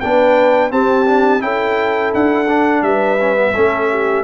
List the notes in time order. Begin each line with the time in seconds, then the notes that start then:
0.00 B3 D4 B4 G5
0.70 C4 G4 A5
1.06 D4
1.40 C#4 E4 A4 G5
2.14 D4 F#5
2.48 D4
2.82 G3 B4 E5
3.20 C#4
3.36 B3
3.54 A3 C#4 A4
3.90 G4